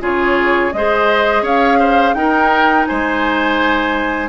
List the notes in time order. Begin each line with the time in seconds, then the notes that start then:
0.00 C#3 F4 G#4 C#5
0.73 G#3 G#4 C5 D#5
1.42 C#4 C#5 F5
1.79 C5
2.14 D#4 A#4 G5
2.86 G#3 C5 G#5